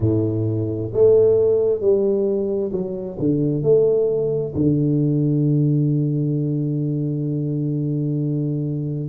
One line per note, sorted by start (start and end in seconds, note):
0.00 0.91 A2
0.93 1.80 A3
1.80 2.71 G3
2.71 3.17 F#3
3.19 3.62 D3
3.62 4.53 A3
4.55 9.09 D3